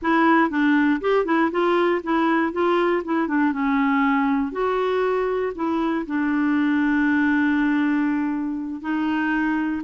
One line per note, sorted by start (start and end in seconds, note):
0.02 0.50 E4
0.50 1.00 D4
1.00 1.25 G4
1.25 1.50 E4
1.51 2.01 F4
2.03 2.52 E4
2.52 3.03 F4
3.04 3.27 E4
3.27 3.52 D4
3.52 4.51 C#4
4.51 5.52 F#4
5.55 6.05 E4
6.06 8.81 D4
8.81 9.82 D#4